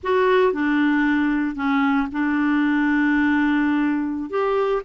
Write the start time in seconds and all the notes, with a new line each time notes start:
0.03 F#4
0.52 D4
1.55 C#4
2.11 D4
4.29 G4